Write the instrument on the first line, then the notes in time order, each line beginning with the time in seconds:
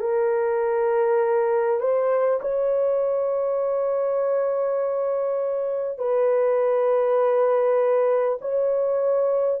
horn
0.00 A#4
1.79 C5
2.41 C#5
5.98 B4
8.41 C#5